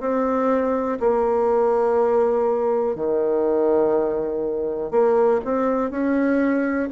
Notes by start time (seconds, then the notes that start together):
0.00 C4
1.00 A#3
2.95 D#3
4.91 A#3
5.44 C4
5.90 C#4